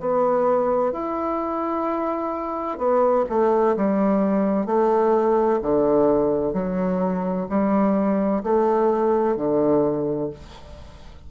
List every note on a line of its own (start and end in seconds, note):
0.00 0.92 B3
0.92 2.78 E4
2.78 3.25 B3
3.29 3.76 A3
3.76 4.66 G3
4.66 5.60 A3
5.62 6.53 D3
6.53 7.47 F#3
7.49 8.43 G3
8.43 9.36 A3
9.36 10.30 D3